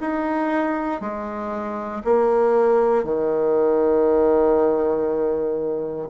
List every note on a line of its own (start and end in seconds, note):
0.00 1.00 D#4
1.00 2.02 G#3
2.04 3.03 A#3
3.03 6.08 D#3